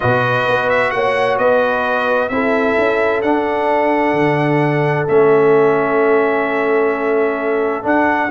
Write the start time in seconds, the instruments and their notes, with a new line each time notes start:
0.00 tuba B2, trombone F#4, horn B4, trumpet D#5
0.48 tuba B3
0.69 trumpet E5
0.90 tuba A#3, horn C#5, trumpet F#5
1.38 tuba B3, horn B4, trumpet D#5
2.28 tuba C4, trombone E4, horn A4, trumpet E5
2.78 tuba C#4
3.22 tuba D4, trombone D4, trumpet F#5
4.12 tuba D3
5.07 tuba A3, trombone C#4, trumpet E5
7.82 trombone D4, tuba D4, trumpet F#5